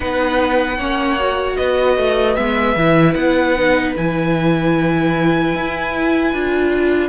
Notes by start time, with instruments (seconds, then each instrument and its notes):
0.00 cello B3, viola D#4, violin B4 F#5
0.78 cello A#3, viola C#4, violin C#5
1.19 viola F#4
1.56 cello B3, violin B4 D#5
1.97 cello A3
2.35 cello G#3, viola B3, violin E5
2.76 cello E3, viola E4
3.14 cello B3, violin F#5
3.57 viola D#4
3.96 cello E3, viola E4, violin G#5
5.54 cello E4
6.33 cello D4, viola F4